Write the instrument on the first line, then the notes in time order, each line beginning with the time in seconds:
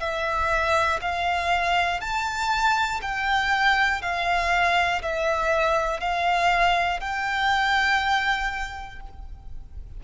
violin
0.00 E5
1.02 F5
2.01 A5
3.02 G5
4.02 F5
5.02 E5
6.01 F5
7.00 G5